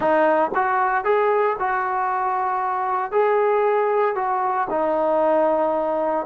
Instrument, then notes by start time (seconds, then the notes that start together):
trombone
0.00 D#4
0.55 F#4
1.04 G#4
1.59 F#4
3.11 G#4
4.15 F#4
4.70 D#4